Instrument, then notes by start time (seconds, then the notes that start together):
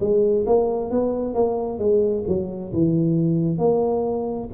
tuba
0.00 G#3
0.46 A#3
0.90 B3
1.34 A#3
1.79 G#3
2.27 F#3
2.73 E3
3.58 A#3